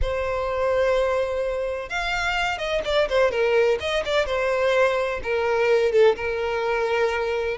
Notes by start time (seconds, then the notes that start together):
0.01 C5
1.89 F5
2.58 D#5
2.84 D5
3.08 C5
3.31 A#4
3.79 D#5
4.05 D5
4.25 C5
5.23 A#4
5.92 A4
6.16 A#4